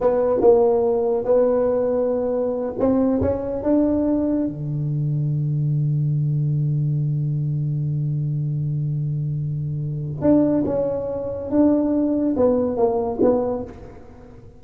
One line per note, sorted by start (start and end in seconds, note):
0.00 0.40 B3
0.40 1.24 A#3
1.24 2.73 B3
2.78 3.21 C4
3.21 3.62 C#4
3.62 4.46 D4
4.46 10.21 D3
10.21 10.63 D4
10.65 11.50 C#4
11.50 12.35 D4
12.36 12.76 B3
12.76 13.19 A#3
13.21 13.63 B3